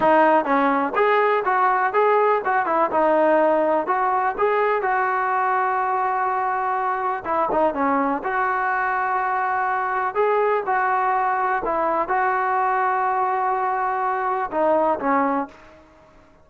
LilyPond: \new Staff \with { instrumentName = "trombone" } { \time 4/4 \tempo 4 = 124 dis'4 cis'4 gis'4 fis'4 | gis'4 fis'8 e'8 dis'2 | fis'4 gis'4 fis'2~ | fis'2. e'8 dis'8 |
cis'4 fis'2.~ | fis'4 gis'4 fis'2 | e'4 fis'2.~ | fis'2 dis'4 cis'4 | }